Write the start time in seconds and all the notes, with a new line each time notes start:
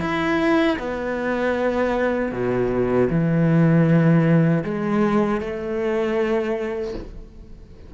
0.00 E4
0.78 B3
2.31 B2
3.09 E3
4.64 G#3
5.40 A3